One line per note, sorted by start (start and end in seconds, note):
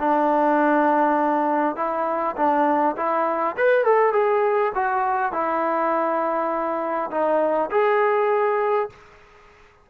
0.00 1.76 D4
1.76 2.36 E4
2.37 2.96 D4
2.97 3.56 E4
3.57 3.85 B4
3.85 4.13 A4
4.13 4.73 G#4
4.75 5.32 F#4
5.32 7.11 E4
7.11 7.70 D#4
7.71 8.90 G#4